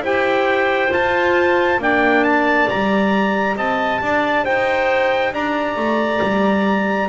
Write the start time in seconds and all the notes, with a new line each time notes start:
0.00 E4 G4 C5 G5
0.88 F4 A5
1.78 A#3 D4 D5 G5
2.24 A5
2.68 G3 G4 A#5
3.56 C4 D#5 A5
4.01 D4 D5
4.44 D#4 C5 G5
5.32 D4 D5 A#5
5.76 A3
6.21 G3